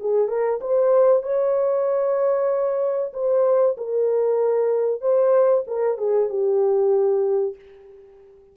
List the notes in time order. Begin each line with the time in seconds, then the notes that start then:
0.00 G#4
0.28 A#4
0.61 C5
1.23 C#5
3.13 C5
3.77 A#4
5.01 C5
5.67 A#4
5.97 G#4
6.29 G4